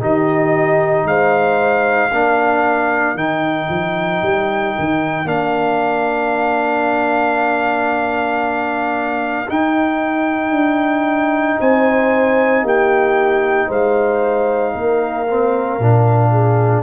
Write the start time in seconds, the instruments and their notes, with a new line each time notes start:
0.00 tuba D#3, trombone D#4, horn G4, trumpet D#5
1.04 tuba G#3, horn C5, trumpet F5
2.11 tuba A#3, trombone D4, horn A#4
3.15 tuba D#3, trombone D#4, trumpet G5
3.69 tuba F3
4.22 tuba G3
4.78 tuba D#3
5.24 tuba A#3, trombone D4, trumpet F5
9.48 trombone D#4, tuba D#4, trumpet G5
10.51 tuba D4
11.60 tuba C4, horn C5, trumpet G#5
12.62 tuba A#3, horn G4, trumpet G5
13.68 tuba G#3, horn C5, trumpet F5
14.74 tuba A#3, horn A#4
15.27 trombone C4
15.79 tuba A#2, trombone D4
16.32 horn G#4